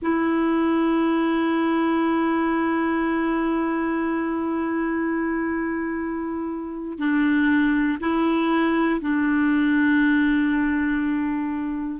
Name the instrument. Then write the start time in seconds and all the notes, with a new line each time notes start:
clarinet
0.02 E4
6.98 D4
8.00 E4
9.00 D4